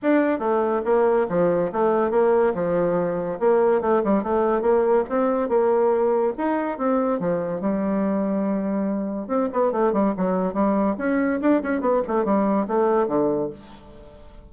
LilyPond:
\new Staff \with { instrumentName = "bassoon" } { \time 4/4 \tempo 4 = 142 d'4 a4 ais4 f4 | a4 ais4 f2 | ais4 a8 g8 a4 ais4 | c'4 ais2 dis'4 |
c'4 f4 g2~ | g2 c'8 b8 a8 g8 | fis4 g4 cis'4 d'8 cis'8 | b8 a8 g4 a4 d4 | }